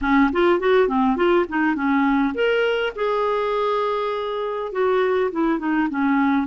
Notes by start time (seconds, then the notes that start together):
0.01 C#4
0.32 F4
0.59 F#4
0.87 C4
1.16 F4
1.48 D#4
1.75 C#4
2.34 A#4
2.95 G#4
4.71 F#4
5.31 E4
5.59 D#4
5.89 C#4